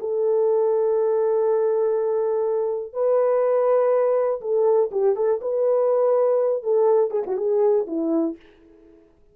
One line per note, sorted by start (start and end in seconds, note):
0.00 2.93 A4
2.93 4.41 B4
4.42 4.91 A4
4.92 5.16 G4
5.16 5.41 A4
5.42 6.63 B4
6.63 7.11 A4
7.11 7.24 G#4
7.27 7.37 F#4
7.37 7.86 G#4
7.88 8.37 E4